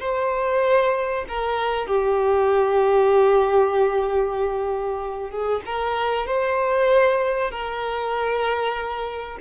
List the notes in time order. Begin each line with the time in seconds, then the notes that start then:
0.00 C5
1.28 A#4
1.87 G4
5.31 G#4
5.66 A#4
6.27 C5
7.51 A#4